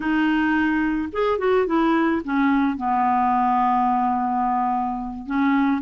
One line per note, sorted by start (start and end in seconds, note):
0.00 1.09 D#4
1.12 1.38 G#4
1.38 1.66 F#4
1.66 2.22 E4
2.24 2.76 C#4
2.76 5.26 B3
5.26 5.81 C#4